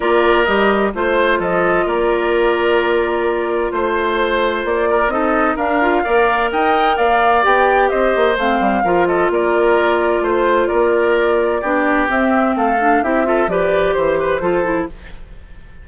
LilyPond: <<
  \new Staff \with { instrumentName = "flute" } { \time 4/4 \tempo 4 = 129 d''4 dis''4 c''4 dis''4 | d''1 | c''2 d''4 dis''4 | f''2 g''4 f''4 |
g''4 dis''4 f''4. dis''8 | d''2 c''4 d''4~ | d''2 e''4 f''4 | e''4 d''4 c''2 | }
  \new Staff \with { instrumentName = "oboe" } { \time 4/4 ais'2 c''4 a'4 | ais'1 | c''2~ c''8 ais'8 a'4 | ais'4 d''4 dis''4 d''4~ |
d''4 c''2 ais'8 a'8 | ais'2 c''4 ais'4~ | ais'4 g'2 a'4 | g'8 a'8 b'4 c''8 b'8 a'4 | }
  \new Staff \with { instrumentName = "clarinet" } { \time 4/4 f'4 g'4 f'2~ | f'1~ | f'2. dis'4 | d'8 f'8 ais'2. |
g'2 c'4 f'4~ | f'1~ | f'4 d'4 c'4. d'8 | e'8 f'8 g'2 f'8 e'8 | }
  \new Staff \with { instrumentName = "bassoon" } { \time 4/4 ais4 g4 a4 f4 | ais1 | a2 ais4 c'4 | d'4 ais4 dis'4 ais4 |
b4 c'8 ais8 a8 g8 f4 | ais2 a4 ais4~ | ais4 b4 c'4 a4 | c'4 f4 e4 f4 | }
>>